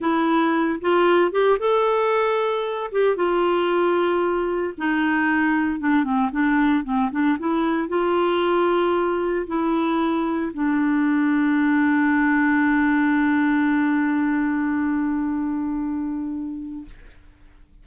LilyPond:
\new Staff \with { instrumentName = "clarinet" } { \time 4/4 \tempo 4 = 114 e'4. f'4 g'8 a'4~ | a'4. g'8 f'2~ | f'4 dis'2 d'8 c'8 | d'4 c'8 d'8 e'4 f'4~ |
f'2 e'2 | d'1~ | d'1~ | d'1 | }